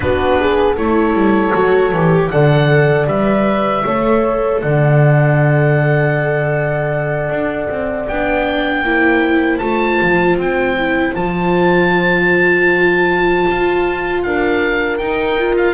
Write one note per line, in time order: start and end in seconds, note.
0.00 0.76 B3
0.00 0.76 D4
0.00 0.39 F#4
0.00 0.76 B4
0.39 0.73 G#4
0.73 1.13 A3
0.73 1.53 E4
0.73 2.27 A4
0.73 2.30 C#5
1.13 1.52 G3
1.53 1.92 F#3
1.53 1.91 F#4
1.92 2.30 E3
1.92 2.32 G4
2.30 3.06 D3
2.30 3.07 A4
2.30 3.85 D5
2.30 3.07 F#5
3.06 3.83 G3
3.06 3.84 B4
3.06 4.61 E5
3.85 4.62 A3
3.85 8.09 A4
3.85 4.62 C#5
4.61 7.29 D3
4.61 8.85 D5
4.61 8.07 F#5
7.29 7.68 D4
7.69 8.07 C4
8.07 8.83 B3
8.07 8.85 D4
8.07 9.58 G5
8.83 9.59 A#3
8.83 9.60 E4
8.83 14.23 C5
9.58 10.00 A3
9.58 10.76 F4
9.58 10.35 A5
10.01 10.36 F3
10.36 11.13 C4
10.36 11.15 G5
10.78 11.15 E4
11.15 13.46 F3
11.15 14.99 F4
11.15 14.22 A5
13.50 14.25 F4
14.23 15.00 D4
14.23 15.74 A#4
14.23 14.97 F5
14.97 15.37 D#4
14.97 15.74 D#4
14.97 15.55 G5
15.39 15.74 F4
15.56 15.74 F5